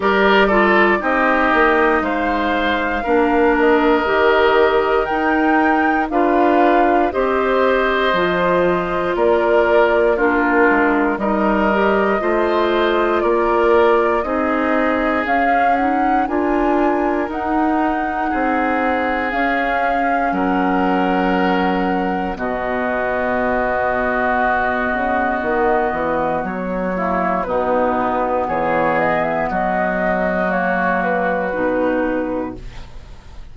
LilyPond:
<<
  \new Staff \with { instrumentName = "flute" } { \time 4/4 \tempo 4 = 59 d''4 dis''4 f''4. dis''8~ | dis''4 g''4 f''4 dis''4~ | dis''4 d''4 ais'4 dis''4~ | dis''4 d''4 dis''4 f''8 fis''8 |
gis''4 fis''2 f''4 | fis''2 dis''2~ | dis''2 cis''4 b'4 | cis''8 dis''16 e''16 dis''4 cis''8 b'4. | }
  \new Staff \with { instrumentName = "oboe" } { \time 4/4 ais'8 a'8 g'4 c''4 ais'4~ | ais'2 b'4 c''4~ | c''4 ais'4 f'4 ais'4 | c''4 ais'4 gis'2 |
ais'2 gis'2 | ais'2 fis'2~ | fis'2~ fis'8 e'8 dis'4 | gis'4 fis'2. | }
  \new Staff \with { instrumentName = "clarinet" } { \time 4/4 g'8 f'8 dis'2 d'4 | g'4 dis'4 f'4 g'4 | f'2 d'4 dis'8 g'8 | f'2 dis'4 cis'8 dis'8 |
f'4 dis'2 cis'4~ | cis'2 b2~ | b2~ b8 ais8 b4~ | b2 ais4 dis'4 | }
  \new Staff \with { instrumentName = "bassoon" } { \time 4/4 g4 c'8 ais8 gis4 ais4 | dis4 dis'4 d'4 c'4 | f4 ais4. gis8 g4 | a4 ais4 c'4 cis'4 |
d'4 dis'4 c'4 cis'4 | fis2 b,2~ | b,8 cis8 dis8 e8 fis4 b,4 | e4 fis2 b,4 | }
>>